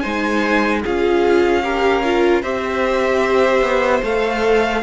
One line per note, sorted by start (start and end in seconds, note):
0.00 0.84 G#3
0.00 0.83 D#4
0.00 0.82 C5
0.00 0.80 G#5
0.82 2.43 C#4
0.82 1.63 F4
0.82 1.62 G#4
0.82 2.42 F5
1.63 2.03 G4
1.63 2.42 A#4
2.04 2.43 F4
2.42 3.61 C4
2.42 4.03 G4
2.42 4.82 C5
2.42 4.02 E5
3.61 4.01 B3
4.02 4.82 A3
4.02 4.82 A4
4.02 4.82 F5